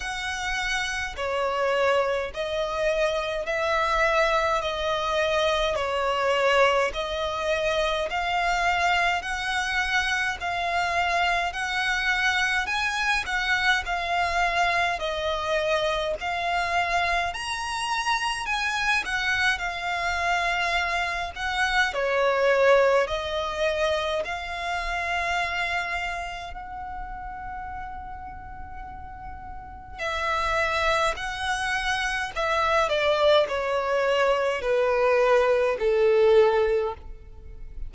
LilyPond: \new Staff \with { instrumentName = "violin" } { \time 4/4 \tempo 4 = 52 fis''4 cis''4 dis''4 e''4 | dis''4 cis''4 dis''4 f''4 | fis''4 f''4 fis''4 gis''8 fis''8 | f''4 dis''4 f''4 ais''4 |
gis''8 fis''8 f''4. fis''8 cis''4 | dis''4 f''2 fis''4~ | fis''2 e''4 fis''4 | e''8 d''8 cis''4 b'4 a'4 | }